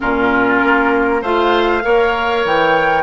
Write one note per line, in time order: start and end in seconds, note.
0.00 0.63 A#2
0.00 1.21 C#4
0.00 1.21 F4
0.00 1.23 A#4
0.63 1.22 A#3
1.21 1.83 A3
1.21 1.82 F4
1.21 1.82 C5
1.21 2.45 F5
1.82 2.44 A#3
1.82 3.03 A#4
1.82 3.03 C#5
2.44 3.03 E3
2.44 3.03 G5